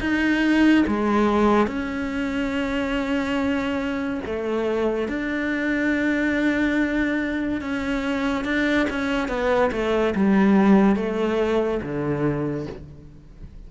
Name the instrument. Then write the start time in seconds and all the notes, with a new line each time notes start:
cello
0.00 D#4
0.87 G#3
1.67 C#4
4.26 A3
5.08 D4
7.61 C#4
8.45 D4
8.90 C#4
9.28 B3
9.72 A3
10.15 G3
10.96 A3
11.82 D3